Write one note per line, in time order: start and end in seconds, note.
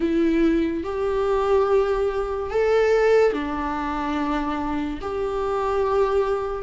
0.00 0.83 E4
0.83 2.50 G4
2.50 3.33 A4
3.33 4.99 D4
5.01 6.62 G4